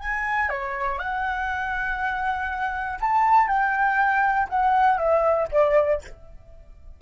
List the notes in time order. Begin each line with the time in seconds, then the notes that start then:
0.00 G#5
0.50 C#5
0.99 F#5
3.01 A5
3.48 G5
4.50 F#5
4.99 E5
5.52 D5